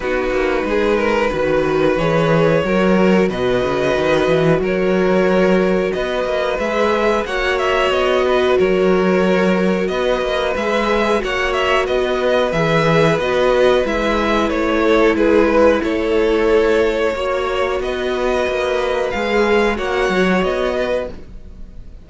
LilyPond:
<<
  \new Staff \with { instrumentName = "violin" } { \time 4/4 \tempo 4 = 91 b'2. cis''4~ | cis''4 dis''2 cis''4~ | cis''4 dis''4 e''4 fis''8 e''8 | dis''4 cis''2 dis''4 |
e''4 fis''8 e''8 dis''4 e''4 | dis''4 e''4 cis''4 b'4 | cis''2. dis''4~ | dis''4 f''4 fis''4 dis''4 | }
  \new Staff \with { instrumentName = "violin" } { \time 4/4 fis'4 gis'8 ais'8 b'2 | ais'4 b'2 ais'4~ | ais'4 b'2 cis''4~ | cis''8 b'8 ais'2 b'4~ |
b'4 cis''4 b'2~ | b'2~ b'8 a'8 gis'8 b'8 | a'2 cis''4 b'4~ | b'2 cis''4. b'8 | }
  \new Staff \with { instrumentName = "viola" } { \time 4/4 dis'2 fis'4 gis'4 | fis'1~ | fis'2 gis'4 fis'4~ | fis'1 |
gis'4 fis'2 gis'4 | fis'4 e'2.~ | e'2 fis'2~ | fis'4 gis'4 fis'2 | }
  \new Staff \with { instrumentName = "cello" } { \time 4/4 b8 ais8 gis4 dis4 e4 | fis4 b,8 cis8 dis8 e8 fis4~ | fis4 b8 ais8 gis4 ais4 | b4 fis2 b8 ais8 |
gis4 ais4 b4 e4 | b4 gis4 a4 gis4 | a2 ais4 b4 | ais4 gis4 ais8 fis8 b4 | }
>>